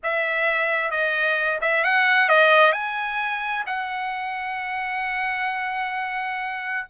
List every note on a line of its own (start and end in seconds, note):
0.03 0.90 E5
0.90 1.59 D#5
1.61 1.84 E5
1.84 2.29 F#5
2.29 2.72 D#5
2.72 3.64 G#5
3.66 6.87 F#5